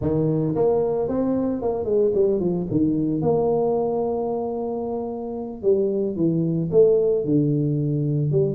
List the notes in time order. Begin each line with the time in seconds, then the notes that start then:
0.01 D#3
0.55 A#3
1.08 C4
1.62 A#3
1.85 G#3
2.14 G3
2.40 F3
2.70 D#3
3.21 A#3
5.62 G3
6.16 E3
6.71 A3
7.24 D3
8.31 G3